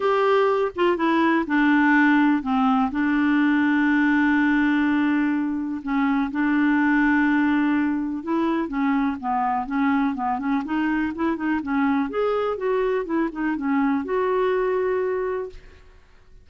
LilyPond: \new Staff \with { instrumentName = "clarinet" } { \time 4/4 \tempo 4 = 124 g'4. f'8 e'4 d'4~ | d'4 c'4 d'2~ | d'1 | cis'4 d'2.~ |
d'4 e'4 cis'4 b4 | cis'4 b8 cis'8 dis'4 e'8 dis'8 | cis'4 gis'4 fis'4 e'8 dis'8 | cis'4 fis'2. | }